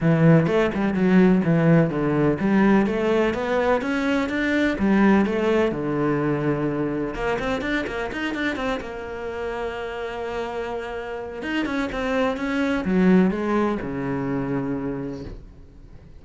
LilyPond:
\new Staff \with { instrumentName = "cello" } { \time 4/4 \tempo 4 = 126 e4 a8 g8 fis4 e4 | d4 g4 a4 b4 | cis'4 d'4 g4 a4 | d2. ais8 c'8 |
d'8 ais8 dis'8 d'8 c'8 ais4.~ | ais1 | dis'8 cis'8 c'4 cis'4 fis4 | gis4 cis2. | }